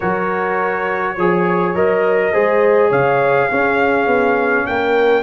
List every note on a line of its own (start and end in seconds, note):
0.00 1.16 F#3
0.00 1.17 F#4
0.00 1.15 A#4
0.00 1.73 C#5
1.15 1.74 F3
1.15 1.75 G#4
1.15 2.31 C#5
1.75 2.33 F#3
1.75 2.33 A#4
1.75 2.91 D#5
2.31 2.91 G#3
2.31 3.50 G#4
2.31 2.89 C5
2.89 3.49 C#3
2.89 3.47 C#5
2.89 4.66 F5
3.49 5.22 C#4
3.49 4.06 C#4
3.49 4.65 G#4
4.06 4.64 B3
4.66 5.22 A#3
4.66 5.22 A#4
4.66 5.22 G5